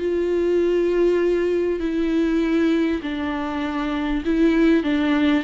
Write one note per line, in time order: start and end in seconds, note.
0.00 1.80 F4
1.80 3.01 E4
3.02 4.24 D4
4.25 4.84 E4
4.84 5.44 D4